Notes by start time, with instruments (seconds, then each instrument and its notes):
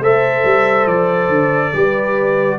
0.00 tuba A3, trombone A4, horn C5, trumpet E5
0.45 tuba G3
0.87 tuba F3, trumpet D5
1.29 tuba D3
1.74 tuba G3, trombone G4, horn B4